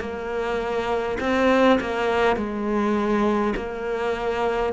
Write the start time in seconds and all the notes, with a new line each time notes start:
0.00 A#3
1.20 C4
1.80 A#3
2.36 G#3
3.56 A#3